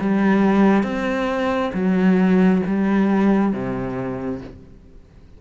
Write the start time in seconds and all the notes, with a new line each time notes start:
0.00 G3
0.83 C4
1.74 F#3
2.66 G3
3.53 C3